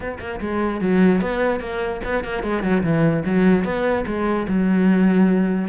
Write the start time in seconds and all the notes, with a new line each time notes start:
0.00 B3
0.19 A#3
0.40 G#3
0.81 F#3
1.21 B3
1.60 A#3
2.04 B3
2.24 A#3
2.43 G#3
2.62 F#3
2.83 E3
3.25 F#3
3.64 B3
4.06 G#3
4.48 F#3